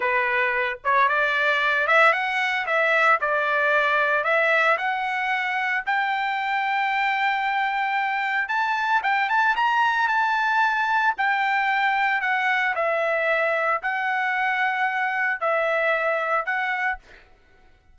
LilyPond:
\new Staff \with { instrumentName = "trumpet" } { \time 4/4 \tempo 4 = 113 b'4. cis''8 d''4. e''8 | fis''4 e''4 d''2 | e''4 fis''2 g''4~ | g''1 |
a''4 g''8 a''8 ais''4 a''4~ | a''4 g''2 fis''4 | e''2 fis''2~ | fis''4 e''2 fis''4 | }